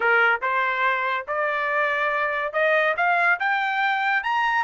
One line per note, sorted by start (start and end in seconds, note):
0.00 0.40 A#4
0.41 1.26 C5
1.27 2.52 D5
2.52 2.94 D#5
2.97 3.39 F5
3.39 4.23 G5
4.23 4.64 A#5